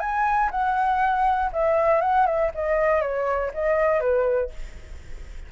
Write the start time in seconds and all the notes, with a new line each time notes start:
0.00 G#5
0.51 F#5
1.52 E5
2.01 F#5
2.26 E5
2.55 D#5
3.01 C#5
3.54 D#5
4.00 B4